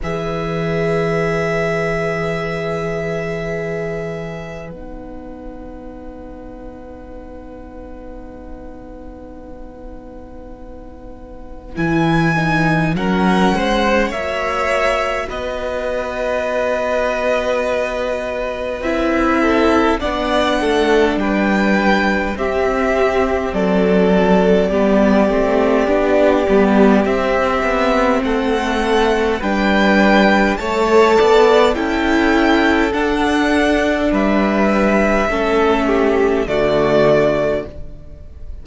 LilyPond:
<<
  \new Staff \with { instrumentName = "violin" } { \time 4/4 \tempo 4 = 51 e''1 | fis''1~ | fis''2 gis''4 fis''4 | e''4 dis''2. |
e''4 fis''4 g''4 e''4 | d''2. e''4 | fis''4 g''4 a''4 g''4 | fis''4 e''2 d''4 | }
  \new Staff \with { instrumentName = "violin" } { \time 4/4 b'1~ | b'1~ | b'2. ais'8 c''8 | cis''4 b'2.~ |
b'8 a'8 d''8 a'8 b'4 g'4 | a'4 g'2. | a'4 b'4 cis''8 d''8 a'4~ | a'4 b'4 a'8 g'8 fis'4 | }
  \new Staff \with { instrumentName = "viola" } { \time 4/4 gis'1 | dis'1~ | dis'2 e'8 dis'8 cis'4 | fis'1 |
e'4 d'2 c'4~ | c'4 b8 c'8 d'8 b8 c'4~ | c'4 d'4 a'4 e'4 | d'2 cis'4 a4 | }
  \new Staff \with { instrumentName = "cello" } { \time 4/4 e1 | b1~ | b2 e4 fis8 gis8 | ais4 b2. |
c'4 b8 a8 g4 c'4 | fis4 g8 a8 b8 g8 c'8 b8 | a4 g4 a8 b8 cis'4 | d'4 g4 a4 d4 | }
>>